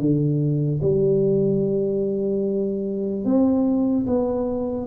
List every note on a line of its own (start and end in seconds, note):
0.00 0.81 D3
0.83 3.25 G3
3.25 4.06 C4
4.07 4.87 B3